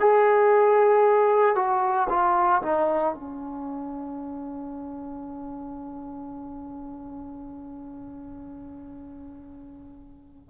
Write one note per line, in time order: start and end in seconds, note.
0.00 1.56 G#4
1.56 2.08 F#4
2.10 2.62 F4
2.62 3.14 D#4
3.14 10.50 C#4